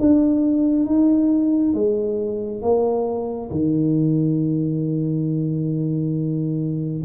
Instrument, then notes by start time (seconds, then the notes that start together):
tuba
0.00 D4
0.86 D#4
1.74 G#3
2.62 A#3
3.51 D#3